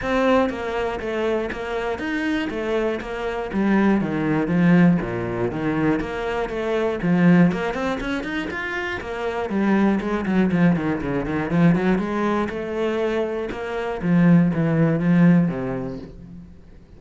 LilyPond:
\new Staff \with { instrumentName = "cello" } { \time 4/4 \tempo 4 = 120 c'4 ais4 a4 ais4 | dis'4 a4 ais4 g4 | dis4 f4 ais,4 dis4 | ais4 a4 f4 ais8 c'8 |
cis'8 dis'8 f'4 ais4 g4 | gis8 fis8 f8 dis8 cis8 dis8 f8 fis8 | gis4 a2 ais4 | f4 e4 f4 c4 | }